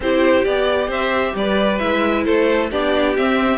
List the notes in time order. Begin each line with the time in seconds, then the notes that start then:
0.00 C4 E4 G4 C5
0.44 B3 G4 D5
0.87 C4 C5 E5
1.34 G3 B4 D5
1.78 G#3 E4 E5
2.25 A3 A4 C5
2.70 B3 D4 G4 D5
3.16 C4 E5